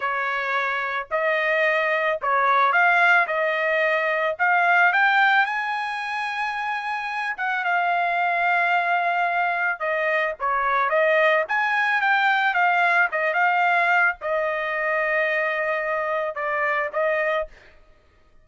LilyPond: \new Staff \with { instrumentName = "trumpet" } { \time 4/4 \tempo 4 = 110 cis''2 dis''2 | cis''4 f''4 dis''2 | f''4 g''4 gis''2~ | gis''4. fis''8 f''2~ |
f''2 dis''4 cis''4 | dis''4 gis''4 g''4 f''4 | dis''8 f''4. dis''2~ | dis''2 d''4 dis''4 | }